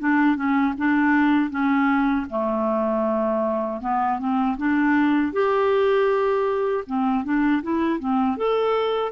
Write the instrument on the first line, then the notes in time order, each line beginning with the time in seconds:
clarinet
0.00 D4
0.36 C#4
0.78 D4
1.51 C#4
2.30 A3
3.81 B3
4.19 C4
4.58 D4
5.33 G4
6.87 C4
7.25 D4
7.63 E4
8.00 C4
8.38 A4